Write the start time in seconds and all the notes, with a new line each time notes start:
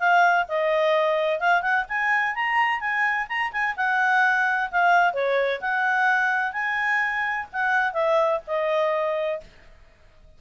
0.00 F5
0.49 D#5
1.40 F5
1.62 F#5
1.89 G#5
2.36 A#5
2.81 G#5
3.29 A#5
3.53 G#5
3.77 F#5
4.72 F5
5.14 C#5
5.61 F#5
6.53 G#5
7.53 F#5
7.94 E5
8.48 D#5